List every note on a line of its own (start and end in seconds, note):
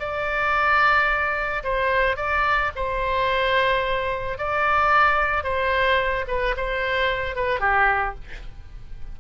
0.00 1.64 D5
1.64 2.17 C5
2.17 2.71 D5
2.76 4.38 C5
4.38 5.44 D5
5.44 6.26 C5
6.28 6.55 B4
6.57 7.36 C5
7.36 7.60 B4
7.60 8.15 G4